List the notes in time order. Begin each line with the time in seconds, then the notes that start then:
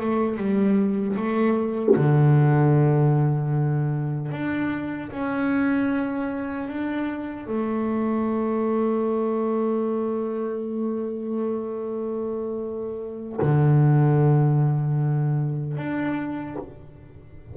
0.00 A3
0.37 G3
1.16 A3
1.96 D3
4.31 D4
5.11 C#4
6.68 D4
7.46 A3
13.41 D3
15.77 D4